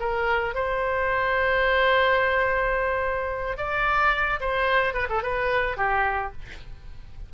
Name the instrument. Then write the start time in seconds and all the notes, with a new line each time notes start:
oboe
0.00 A#4
0.55 C5
3.58 D5
4.41 C5
4.94 B4
5.10 A4
5.23 B4
5.77 G4